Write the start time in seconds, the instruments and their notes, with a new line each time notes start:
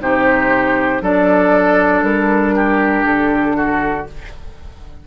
0.00 bassoon C3, clarinet D#4, oboe G4, flute C5
1.01 bassoon F#3, clarinet D4, oboe A4, flute D5
2.02 bassoon G3, flute A#4
2.55 oboe G4
3.04 bassoon D3, flute A4
3.56 oboe F#4